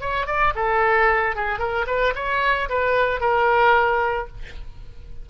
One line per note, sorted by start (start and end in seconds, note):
0.00 0.26 C#5
0.26 0.53 D5
0.55 1.35 A4
1.35 1.59 G#4
1.59 1.86 A#4
1.87 2.14 B4
2.15 2.69 C#5
2.69 3.20 B4
3.20 4.27 A#4